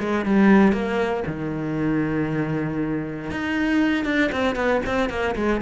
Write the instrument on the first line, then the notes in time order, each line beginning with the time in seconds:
cello
0.00 G#3
0.26 G3
0.73 A#3
1.27 D#3
3.31 D#4
4.05 D4
4.32 C4
4.56 B3
4.86 C4
5.10 A#3
5.36 G#3